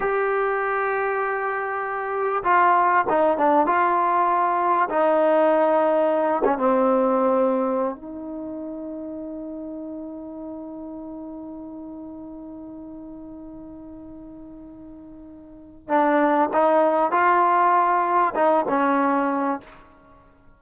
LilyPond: \new Staff \with { instrumentName = "trombone" } { \time 4/4 \tempo 4 = 98 g'1 | f'4 dis'8 d'8 f'2 | dis'2~ dis'8 cis'16 c'4~ c'16~ | c'4 dis'2.~ |
dis'1~ | dis'1~ | dis'2 d'4 dis'4 | f'2 dis'8 cis'4. | }